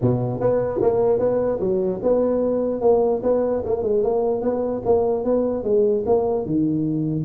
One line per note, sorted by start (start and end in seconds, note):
0.01 0.40 B2
0.40 0.80 B3
0.81 1.19 A#3
1.19 1.59 B3
1.60 2.00 F#3
2.03 2.81 B3
2.81 3.21 A#3
3.23 3.63 B3
3.65 3.82 A#3
3.82 4.02 G#3
4.02 4.41 A#3
4.41 4.81 B3
4.85 5.24 A#3
5.24 5.63 B3
5.63 6.04 G#3
6.05 6.45 A#3
6.45 7.24 D#3